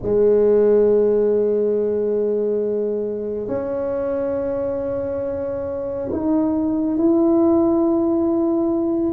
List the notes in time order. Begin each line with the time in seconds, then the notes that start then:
0.02 G#3
3.47 C#4
6.12 D#4
6.97 E4